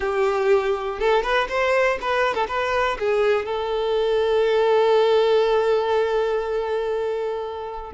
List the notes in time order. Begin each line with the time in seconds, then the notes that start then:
0.00 G4
0.99 A4
1.22 B4
1.49 C5
2.01 B4
2.34 A4
2.48 B4
2.99 G#4
3.45 A4